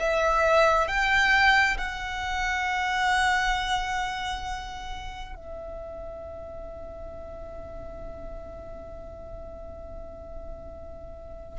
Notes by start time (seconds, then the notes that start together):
0.00 E5
0.88 G5
1.78 F#5
5.36 E5